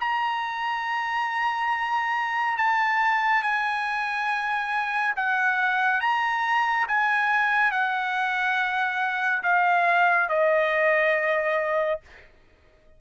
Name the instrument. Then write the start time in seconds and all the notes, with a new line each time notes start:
trumpet
0.00 A#5
2.57 A5
3.42 G#5
5.16 F#5
6.00 A#5
6.88 G#5
7.71 F#5
9.43 F5
10.29 D#5